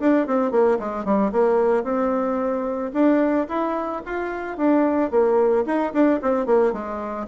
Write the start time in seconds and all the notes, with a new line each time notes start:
0.00 D4
0.27 C4
0.51 A#3
0.79 G#3
1.05 G3
1.32 A#3
1.84 C4
2.93 D4
3.49 E4
4.06 F4
4.57 D4
5.11 A#3
5.66 D#4
5.93 D4
6.22 C4
6.46 A#3
6.73 G#3